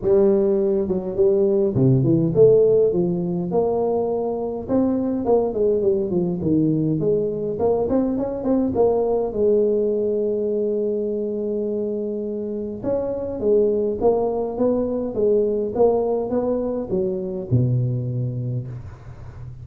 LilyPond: \new Staff \with { instrumentName = "tuba" } { \time 4/4 \tempo 4 = 103 g4. fis8 g4 c8 e8 | a4 f4 ais2 | c'4 ais8 gis8 g8 f8 dis4 | gis4 ais8 c'8 cis'8 c'8 ais4 |
gis1~ | gis2 cis'4 gis4 | ais4 b4 gis4 ais4 | b4 fis4 b,2 | }